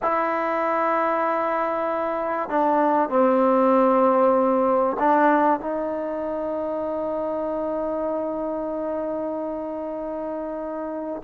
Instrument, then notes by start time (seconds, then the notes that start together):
trombone
0.02 E4
2.49 D4
3.09 C4
4.99 D4
5.60 D#4